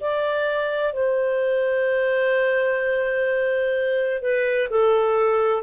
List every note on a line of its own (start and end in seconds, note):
0.00 0.93 D5
0.93 4.21 C5
4.21 4.68 B4
4.70 5.63 A4